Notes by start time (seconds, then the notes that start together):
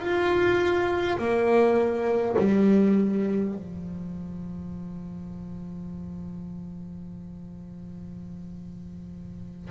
0.00 F4
1.18 A#3
2.38 G3
3.54 F3